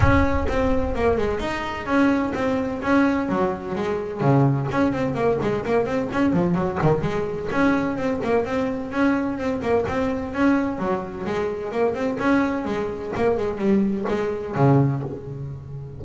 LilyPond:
\new Staff \with { instrumentName = "double bass" } { \time 4/4 \tempo 4 = 128 cis'4 c'4 ais8 gis8 dis'4 | cis'4 c'4 cis'4 fis4 | gis4 cis4 cis'8 c'8 ais8 gis8 | ais8 c'8 cis'8 f8 fis8 dis8 gis4 |
cis'4 c'8 ais8 c'4 cis'4 | c'8 ais8 c'4 cis'4 fis4 | gis4 ais8 c'8 cis'4 gis4 | ais8 gis8 g4 gis4 cis4 | }